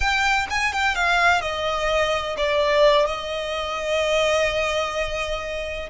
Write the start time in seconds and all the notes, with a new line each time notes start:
0.00 G5
0.50 G#5
0.72 G5
0.95 F5
1.41 D#5
2.37 D5
3.06 D#5